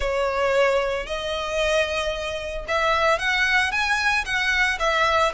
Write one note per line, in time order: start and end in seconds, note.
0.00 1.06 C#5
1.06 2.65 D#5
2.67 3.19 E5
3.19 3.71 F#5
3.71 4.24 G#5
4.25 4.78 F#5
4.79 5.32 E5